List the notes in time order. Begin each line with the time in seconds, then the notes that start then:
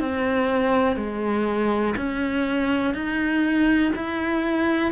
0.00 C4
0.96 G#3
1.96 C#4
2.94 D#4
3.96 E4